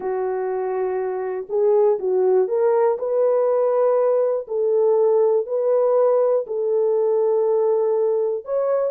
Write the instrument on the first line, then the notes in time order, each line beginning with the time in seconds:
horn
0.00 F#4
1.49 G#4
1.99 F#4
2.47 A#4
2.98 B4
4.47 A4
5.46 B4
6.47 A4
8.45 C#5